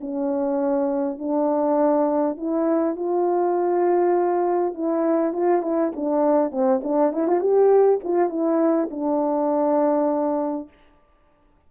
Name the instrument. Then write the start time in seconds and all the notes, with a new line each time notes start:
horn
0.00 C#4
1.18 D4
2.37 E4
2.95 F4
4.74 E4
5.32 F4
5.62 E4
5.96 D4
6.51 C4
6.83 D4
7.12 E4
7.27 F4
7.40 G4
8.03 F4
8.29 E4
8.90 D4